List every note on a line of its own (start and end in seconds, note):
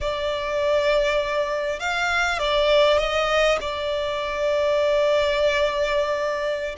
0.01 1.79 D5
1.79 2.38 F5
2.38 2.98 D5
2.98 3.58 D#5
3.60 6.75 D5